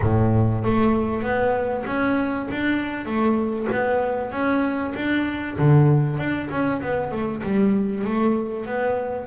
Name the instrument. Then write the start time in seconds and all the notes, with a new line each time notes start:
double bass
0.02 A2
0.64 A3
1.22 B3
1.86 C#4
2.51 D4
3.05 A3
3.71 B3
4.31 C#4
4.95 D4
5.58 D3
6.18 D4
6.50 C#4
6.81 B3
7.11 A3
7.43 G3
8.04 A3
8.66 B3